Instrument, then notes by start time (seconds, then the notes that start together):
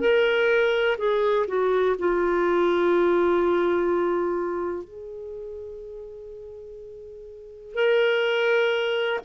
clarinet
0.00 A#4
0.98 G#4
1.47 F#4
1.98 F4
4.84 G#4
7.75 A#4